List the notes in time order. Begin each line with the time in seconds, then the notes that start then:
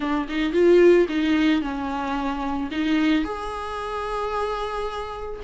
0.00 D4
0.29 D#4
0.53 F4
1.08 D#4
1.61 C#4
2.71 D#4
3.24 G#4